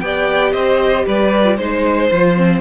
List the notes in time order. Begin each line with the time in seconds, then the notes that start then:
0.00 B3 G4 D5 G5
0.52 C4 C5 D#5
1.07 G3 B4 D5
1.45 F4
1.57 G#3 D#4 C5
2.11 F3 F4
2.36 C4